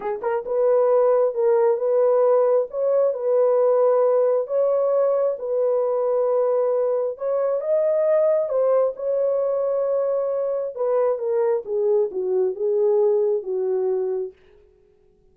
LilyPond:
\new Staff \with { instrumentName = "horn" } { \time 4/4 \tempo 4 = 134 gis'8 ais'8 b'2 ais'4 | b'2 cis''4 b'4~ | b'2 cis''2 | b'1 |
cis''4 dis''2 c''4 | cis''1 | b'4 ais'4 gis'4 fis'4 | gis'2 fis'2 | }